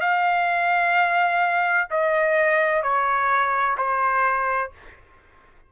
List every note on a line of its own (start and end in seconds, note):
0.00 1.87 F5
1.90 2.83 D#5
2.83 3.76 C#5
3.77 4.71 C5